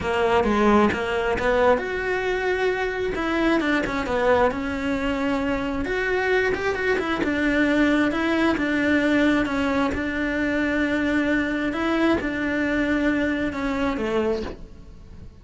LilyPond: \new Staff \with { instrumentName = "cello" } { \time 4/4 \tempo 4 = 133 ais4 gis4 ais4 b4 | fis'2. e'4 | d'8 cis'8 b4 cis'2~ | cis'4 fis'4. g'8 fis'8 e'8 |
d'2 e'4 d'4~ | d'4 cis'4 d'2~ | d'2 e'4 d'4~ | d'2 cis'4 a4 | }